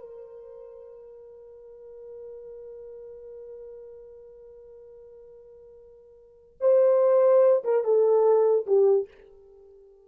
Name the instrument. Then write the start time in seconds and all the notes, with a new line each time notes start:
horn
0.00 A#4
6.60 C5
7.64 A#4
7.84 A4
8.66 G4